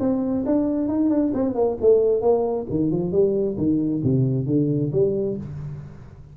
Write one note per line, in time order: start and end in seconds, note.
0.00 0.45 C4
0.46 0.88 D4
0.88 1.10 D#4
1.10 1.32 D4
1.34 1.55 C4
1.55 1.77 A#3
1.81 2.22 A3
2.22 2.66 A#3
2.70 2.91 D#3
2.91 3.12 F3
3.12 3.57 G3
3.57 4.02 D#3
4.03 4.46 C3
4.46 4.91 D3
4.92 5.37 G3